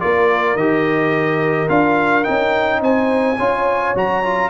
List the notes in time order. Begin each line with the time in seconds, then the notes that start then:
0.00 A#3 F4 A#4 D5
0.55 D#3 G4 D#5
1.68 D4 F4 F5
2.24 C#4 D#4 G5
2.81 C4 C5 G#5
3.38 C#4 F4 C#5
3.95 F#3 F#4 A#5
4.24 F4